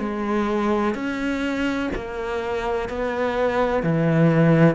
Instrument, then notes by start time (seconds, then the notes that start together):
cello
0.00 G#3
0.95 C#4
1.96 A#3
2.90 B3
3.84 E3